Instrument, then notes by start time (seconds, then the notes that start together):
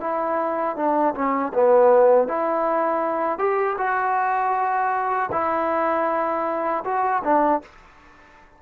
trombone
0.00 E4
0.76 D4
1.14 C#4
1.54 B3
2.28 E4
3.38 G4
3.78 F#4
5.32 E4
6.84 F#4
7.24 D4